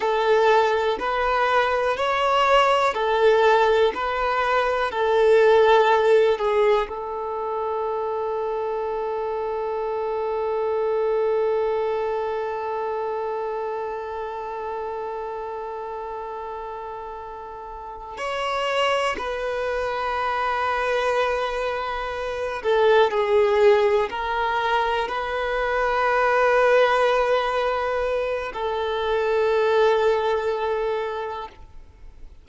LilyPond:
\new Staff \with { instrumentName = "violin" } { \time 4/4 \tempo 4 = 61 a'4 b'4 cis''4 a'4 | b'4 a'4. gis'8 a'4~ | a'1~ | a'1~ |
a'2~ a'8 cis''4 b'8~ | b'2. a'8 gis'8~ | gis'8 ais'4 b'2~ b'8~ | b'4 a'2. | }